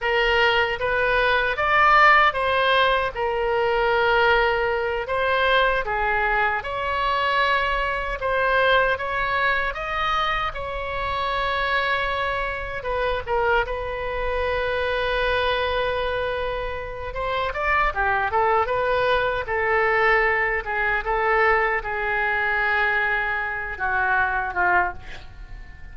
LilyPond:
\new Staff \with { instrumentName = "oboe" } { \time 4/4 \tempo 4 = 77 ais'4 b'4 d''4 c''4 | ais'2~ ais'8 c''4 gis'8~ | gis'8 cis''2 c''4 cis''8~ | cis''8 dis''4 cis''2~ cis''8~ |
cis''8 b'8 ais'8 b'2~ b'8~ | b'2 c''8 d''8 g'8 a'8 | b'4 a'4. gis'8 a'4 | gis'2~ gis'8 fis'4 f'8 | }